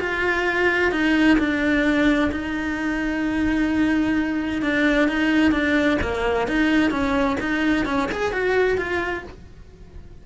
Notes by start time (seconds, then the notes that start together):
0.00 F4
0.91 D#4
1.38 D4
2.31 D#4
4.62 D4
5.09 D#4
5.52 D4
6.01 A#3
6.48 D#4
6.91 C#4
7.41 D#4
7.86 C#4
8.12 G#4
8.32 F#4
8.78 F4